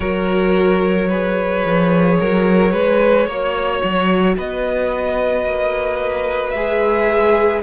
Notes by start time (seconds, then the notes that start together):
0.00 F#3 F#4 A#4 C#5
1.08 G#4 B4
1.65 F3
2.19 F#3 A#4
2.71 G#3 B4
3.26 A#3 F#4 C#5
3.83 F#3
4.36 B3 B4 D#5
5.45 A#3
6.50 G#3 G#4 E5